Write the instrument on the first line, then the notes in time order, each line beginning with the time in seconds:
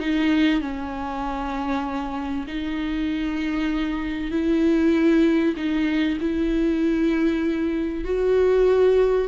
viola
0.00 D#4
0.61 C#4
2.48 D#4
4.32 E4
5.57 D#4
6.21 E4
8.05 F#4